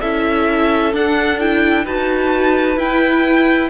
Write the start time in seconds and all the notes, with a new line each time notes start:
0.00 C#4 E4 A4 E5
0.93 D4 F#5
1.39 E4 G5
1.85 D#4 F#4 B4 A5
2.77 E4 G5